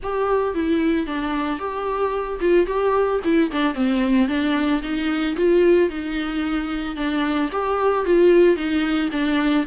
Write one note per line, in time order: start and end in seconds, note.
0.02 0.54 G4
0.54 1.06 E4
1.06 1.59 D4
1.59 2.39 G4
2.40 2.66 F4
2.66 3.20 G4
3.24 3.51 E4
3.51 3.74 D4
3.74 4.27 C4
4.27 4.81 D4
4.82 5.36 D#4
5.36 5.89 F4
5.89 6.95 D#4
6.95 7.49 D4
7.52 8.05 G4
8.05 8.56 F4
8.56 9.09 D#4
9.11 9.65 D4